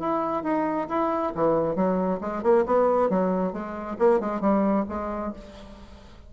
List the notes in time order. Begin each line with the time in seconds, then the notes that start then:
0.00 E4
0.44 D#4
0.89 E4
1.35 E3
1.76 F#3
2.21 G#3
2.43 A#3
2.66 B3
3.10 F#3
3.53 G#3
3.99 A#3
4.20 G#3
4.41 G3
4.89 G#3